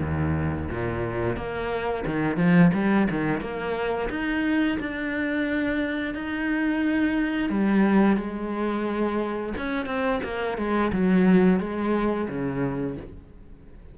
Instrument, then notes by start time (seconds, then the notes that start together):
cello
0.00 D#2
0.70 A#2
1.36 A#3
2.06 D#3
2.37 F3
2.74 G3
3.10 D#3
3.41 A#3
4.10 D#4
4.79 D4
6.14 D#4
7.49 G3
8.17 G#3
9.57 C#4
9.86 C4
10.24 A#3
10.57 G#3
10.92 F#3
11.60 G#3
12.29 C#3